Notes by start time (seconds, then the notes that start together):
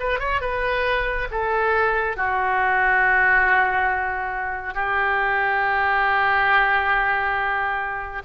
0.00 B4
0.19 C#5
0.41 B4
1.31 A4
2.17 F#4
4.74 G4